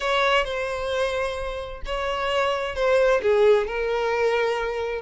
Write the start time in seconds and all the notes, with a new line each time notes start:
0.00 C#5
0.44 C5
1.85 C#5
2.75 C5
3.22 G#4
3.67 A#4